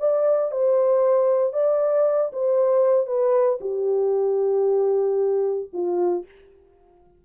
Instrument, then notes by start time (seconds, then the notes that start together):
horn
0.00 D5
0.52 C5
1.54 D5
2.33 C5
3.07 B4
3.61 G4
5.73 F4